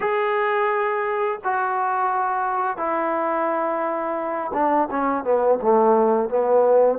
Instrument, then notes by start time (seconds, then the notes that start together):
trombone
0.00 G#4
1.43 F#4
2.77 E4
4.53 D4
4.90 C#4
5.24 B3
5.62 A3
6.29 B3